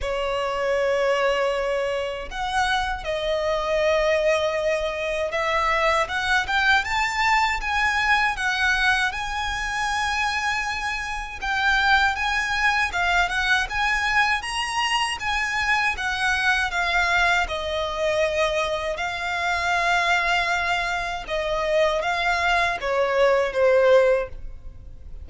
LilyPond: \new Staff \with { instrumentName = "violin" } { \time 4/4 \tempo 4 = 79 cis''2. fis''4 | dis''2. e''4 | fis''8 g''8 a''4 gis''4 fis''4 | gis''2. g''4 |
gis''4 f''8 fis''8 gis''4 ais''4 | gis''4 fis''4 f''4 dis''4~ | dis''4 f''2. | dis''4 f''4 cis''4 c''4 | }